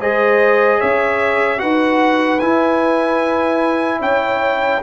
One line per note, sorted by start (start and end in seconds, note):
0.00 0.80 G#3
0.00 1.58 G#4
0.00 0.79 C5
0.00 0.81 D#5
0.79 1.62 C#4
0.79 1.59 C#5
0.79 1.60 E5
1.58 2.42 D#4
1.58 2.38 F#4
1.58 4.00 B4
1.58 2.39 F#5
2.39 4.01 E4
2.39 4.82 E4
2.39 3.99 G#5
4.00 4.81 C#4
4.00 4.80 C#5
4.00 4.82 G5